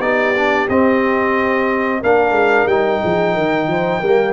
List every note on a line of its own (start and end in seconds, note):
0.00 0.67 B3
0.00 0.34 D#4
0.00 2.01 G4
0.00 0.67 D5
0.35 0.68 D4
0.68 2.02 C4
0.68 2.02 D#5
2.01 2.31 A#3
2.01 2.69 D4
2.01 3.01 A#4
2.01 2.67 F5
2.31 2.64 G#3
2.66 2.99 G3
2.66 4.03 D#4
2.66 4.33 G5
3.01 3.37 F3
3.01 3.34 G#4
3.34 3.67 D#3
3.34 3.67 A#4
3.67 4.00 F3
3.67 4.00 C5
4.00 4.33 G3
4.00 4.33 A#3
4.00 4.33 A#4